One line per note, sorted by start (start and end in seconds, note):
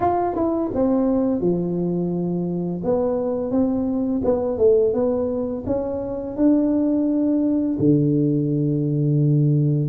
0.00 0.35 F4
0.35 0.70 E4
0.74 1.40 C4
1.40 2.81 F3
2.84 3.51 B3
3.51 4.21 C4
4.24 4.58 B3
4.58 4.93 A3
4.93 5.64 B3
5.66 6.36 C#4
6.36 7.77 D4
7.79 9.89 D3